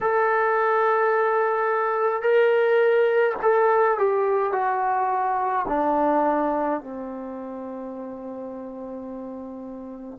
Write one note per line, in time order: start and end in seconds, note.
0.00 2.22 A4
2.22 3.35 A#4
3.42 3.98 A4
3.98 4.52 G4
4.52 5.66 F#4
5.68 6.80 D4
6.80 10.19 C4